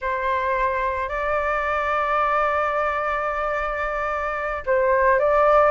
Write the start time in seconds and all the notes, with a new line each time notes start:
0.01 C5
1.08 D5
4.66 C5
5.19 D5